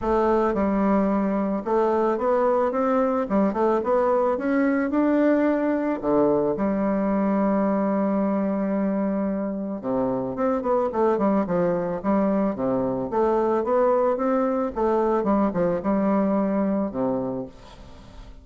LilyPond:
\new Staff \with { instrumentName = "bassoon" } { \time 4/4 \tempo 4 = 110 a4 g2 a4 | b4 c'4 g8 a8 b4 | cis'4 d'2 d4 | g1~ |
g2 c4 c'8 b8 | a8 g8 f4 g4 c4 | a4 b4 c'4 a4 | g8 f8 g2 c4 | }